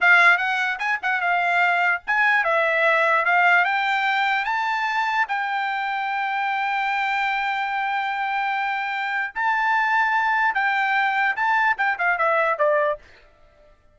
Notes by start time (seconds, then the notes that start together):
0.01 F5
0.37 F#5
0.79 G#5
1.02 F#5
1.20 F5
2.07 G#5
2.44 E5
3.25 F5
3.64 G5
4.44 A5
5.28 G5
9.34 A5
10.54 G5
11.36 A5
11.77 G5
11.98 F5
12.18 E5
12.58 D5